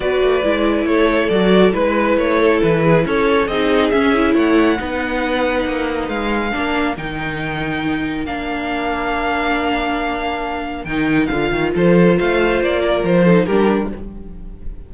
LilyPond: <<
  \new Staff \with { instrumentName = "violin" } { \time 4/4 \tempo 4 = 138 d''2 cis''4 d''4 | b'4 cis''4 b'4 cis''4 | dis''4 e''4 fis''2~ | fis''2 f''2 |
g''2. f''4~ | f''1~ | f''4 g''4 f''4 c''4 | f''4 d''4 c''4 ais'4 | }
  \new Staff \with { instrumentName = "violin" } { \time 4/4 b'2 a'2 | b'4. a'4 gis'8 a'4 | gis'2 cis''4 b'4~ | b'2. ais'4~ |
ais'1~ | ais'1~ | ais'2. a'4 | c''4. ais'4 a'8 g'4 | }
  \new Staff \with { instrumentName = "viola" } { \time 4/4 fis'4 e'2 fis'4 | e'1 | dis'4 cis'8 e'4. dis'4~ | dis'2. d'4 |
dis'2. d'4~ | d'1~ | d'4 dis'4 f'2~ | f'2~ f'8 dis'8 d'4 | }
  \new Staff \with { instrumentName = "cello" } { \time 4/4 b8 a8 gis4 a4 fis4 | gis4 a4 e4 cis'4 | c'4 cis'4 a4 b4~ | b4 ais4 gis4 ais4 |
dis2. ais4~ | ais1~ | ais4 dis4 d8 dis8 f4 | a4 ais4 f4 g4 | }
>>